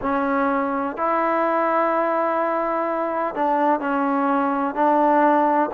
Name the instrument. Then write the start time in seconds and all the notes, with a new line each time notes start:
trombone
0.01 C#4
0.97 E4
3.34 D4
3.80 C#4
4.74 D4